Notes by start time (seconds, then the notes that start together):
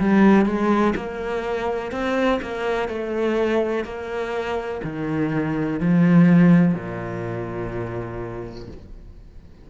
0.00 G3
0.46 G#3
0.96 A#3
1.92 C4
2.43 A#3
2.89 A3
3.85 A#3
4.84 D#3
5.80 F3
6.75 A#2